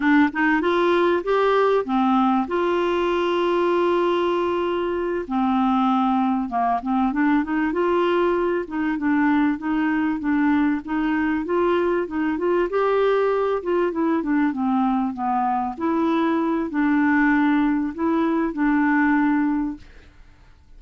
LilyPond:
\new Staff \with { instrumentName = "clarinet" } { \time 4/4 \tempo 4 = 97 d'8 dis'8 f'4 g'4 c'4 | f'1~ | f'8 c'2 ais8 c'8 d'8 | dis'8 f'4. dis'8 d'4 dis'8~ |
dis'8 d'4 dis'4 f'4 dis'8 | f'8 g'4. f'8 e'8 d'8 c'8~ | c'8 b4 e'4. d'4~ | d'4 e'4 d'2 | }